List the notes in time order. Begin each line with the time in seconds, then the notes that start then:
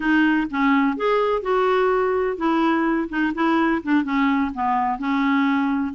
0.00 D#4
0.50 C#4
0.97 G#4
1.42 F#4
2.37 E4
3.09 D#4
3.34 E4
3.83 D4
4.03 C#4
4.54 B3
4.98 C#4